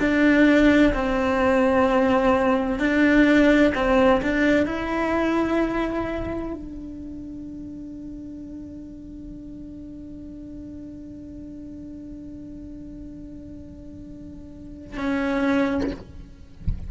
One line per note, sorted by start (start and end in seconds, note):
0.00 0.94 D4
0.94 2.80 C4
2.80 3.74 D4
3.75 4.22 C4
4.23 4.67 D4
4.67 6.54 E4
6.54 14.97 D4
14.97 15.91 C#4